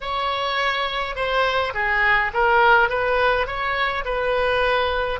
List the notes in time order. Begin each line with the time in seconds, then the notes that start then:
0.00 C#5
1.15 C5
1.74 G#4
2.33 A#4
2.89 B4
3.46 C#5
4.04 B4